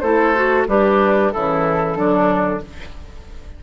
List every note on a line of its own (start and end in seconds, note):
0.00 0.67 A3
0.00 0.35 E4
0.00 0.67 A4
0.00 0.65 C5
0.35 0.67 F#4
0.68 1.32 G3
0.68 1.33 D4
0.68 1.33 G4
0.68 1.32 B4
1.32 1.95 C#3
1.32 1.96 E3
1.32 1.98 E4
1.32 2.61 A4
1.95 2.60 D3
1.95 2.61 F#3
1.95 2.63 D4